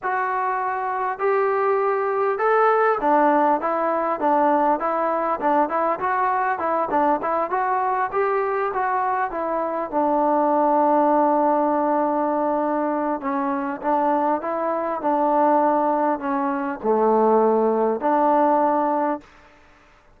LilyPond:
\new Staff \with { instrumentName = "trombone" } { \time 4/4 \tempo 4 = 100 fis'2 g'2 | a'4 d'4 e'4 d'4 | e'4 d'8 e'8 fis'4 e'8 d'8 | e'8 fis'4 g'4 fis'4 e'8~ |
e'8 d'2.~ d'8~ | d'2 cis'4 d'4 | e'4 d'2 cis'4 | a2 d'2 | }